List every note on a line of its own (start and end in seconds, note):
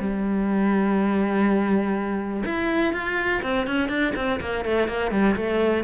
0.00 2.44 G3
2.46 2.94 E4
2.94 3.42 F4
3.43 3.67 C4
3.67 3.89 C#4
3.89 4.14 D4
4.16 4.40 C4
4.41 4.65 A#3
4.65 4.88 A3
4.88 5.12 A#3
5.12 5.36 G3
5.36 5.84 A3